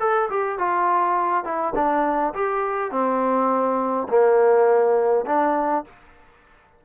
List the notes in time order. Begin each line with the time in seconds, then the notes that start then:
0.00 A4
0.30 G4
0.58 F4
1.44 E4
1.75 D4
2.34 G4
2.91 C4
4.09 A#3
5.26 D4